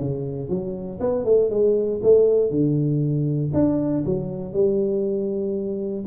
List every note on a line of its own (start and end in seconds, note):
0.00 0.49 C#3
0.49 0.99 F#3
1.00 1.25 B3
1.25 1.50 A3
1.50 2.01 G#3
2.03 2.50 A3
2.50 3.51 D3
3.53 4.04 D4
4.05 4.53 F#3
4.53 6.04 G3